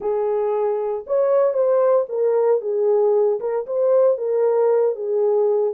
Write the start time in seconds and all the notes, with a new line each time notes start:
0.00 G#4
1.06 C#5
1.53 C5
2.08 A#4
2.61 G#4
3.39 A#4
3.66 C5
4.17 A#4
4.95 G#4